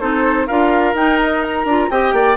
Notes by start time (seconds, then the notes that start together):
0.00 C4 D#4 A4 C5
0.47 D4 F4 A#4 F5
0.93 D#4 G5
1.24 D#5
1.43 A#5
1.65 D4 F4
1.90 C4 G4 D#5 G5
2.13 A#3 D5